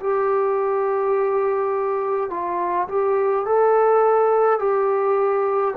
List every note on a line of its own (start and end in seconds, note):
0.00 2.30 G4
2.30 2.88 F4
2.88 3.46 G4
3.46 4.59 A4
4.59 5.75 G4